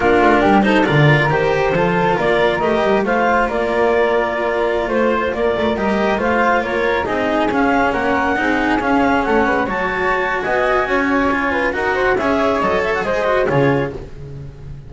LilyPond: <<
  \new Staff \with { instrumentName = "clarinet" } { \time 4/4 \tempo 4 = 138 ais'4. c''8 d''4 c''4~ | c''4 d''4 dis''4 f''4 | d''2.~ d''16 c''8.~ | c''16 d''4 dis''4 f''4 cis''8.~ |
cis''16 dis''4 f''4 fis''4.~ fis''16~ | fis''16 f''4 fis''4 a''4.~ a''16 | gis''2. fis''4 | e''4 dis''8 e''16 fis''16 dis''4 cis''4 | }
  \new Staff \with { instrumentName = "flute" } { \time 4/4 f'4 g'8 a'8 ais'2 | a'4 ais'2 c''4 | ais'2.~ ais'16 c''8.~ | c''16 ais'2 c''4 ais'8.~ |
ais'16 gis'2 ais'4 gis'8.~ | gis'4~ gis'16 a'8 b'8 cis''4.~ cis''16 | dis''4 cis''4. b'8 ais'8 c''8 | cis''2 c''4 gis'4 | }
  \new Staff \with { instrumentName = "cello" } { \time 4/4 d'4. dis'8 f'4 g'4 | f'2 g'4 f'4~ | f'1~ | f'4~ f'16 g'4 f'4.~ f'16~ |
f'16 dis'4 cis'2 dis'8.~ | dis'16 cis'2 fis'4.~ fis'16~ | fis'2 f'4 fis'4 | gis'4 a'4 gis'8 fis'8 f'4 | }
  \new Staff \with { instrumentName = "double bass" } { \time 4/4 ais8 a8 g4 d4 dis4 | f4 ais4 a8 g8 a4 | ais2.~ ais16 a8.~ | a16 ais8 a8 g4 a4 ais8.~ |
ais16 c'4 cis'4 ais4 c'8.~ | c'16 cis'4 a8 gis8 fis4.~ fis16 | b4 cis'2 dis'4 | cis'4 fis4 gis4 cis4 | }
>>